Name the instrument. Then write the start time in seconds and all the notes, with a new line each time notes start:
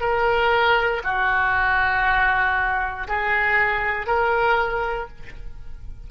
oboe
0.00 A#4
1.04 F#4
3.07 G#4
4.06 A#4